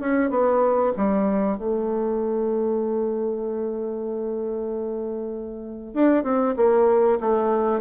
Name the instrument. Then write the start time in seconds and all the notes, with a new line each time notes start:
bassoon
0.00 C#4
0.30 B3
0.97 G3
1.58 A3
5.94 D4
6.24 C4
6.56 A#3
7.20 A3